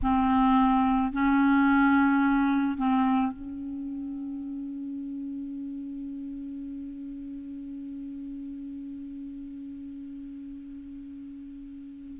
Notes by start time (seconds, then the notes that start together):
0.02 C4
1.12 C#4
2.77 C4
3.32 C#4